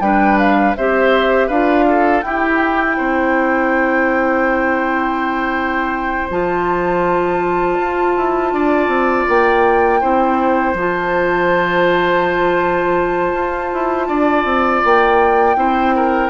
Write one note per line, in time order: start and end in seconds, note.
0.00 0.74 G3
0.00 0.75 D4
0.00 0.77 B4
0.00 0.37 G5
0.38 0.75 F5
0.75 1.49 C4
0.75 1.51 G4
0.75 1.47 C5
0.75 1.48 E5
1.47 2.23 D4
1.47 2.24 F4
1.47 1.84 B4
1.47 2.21 F5
1.87 2.24 A4
2.21 2.97 E4
2.21 6.30 E4
2.21 2.96 G4
2.21 6.28 G5
2.96 6.30 C4
2.96 8.52 C5
6.30 7.78 F3
6.30 10.01 F4
6.30 9.27 A5
7.79 8.16 F4
8.16 8.52 E4
8.52 8.87 D4
8.52 10.00 D5
8.87 9.24 C4
9.27 10.02 A#3
9.27 10.76 G5
10.00 10.74 C4
10.00 10.75 E4
10.00 14.08 C5
10.74 13.33 F3
10.74 15.56 F4
10.74 14.84 A5
13.34 13.71 F4
13.73 14.08 E4
14.08 14.44 D4
14.08 15.56 D5
14.44 14.81 C4
14.84 15.55 A#3
14.84 16.29 G5
15.55 16.29 C4
15.55 16.29 E4
15.55 15.95 C5
15.96 16.29 A#4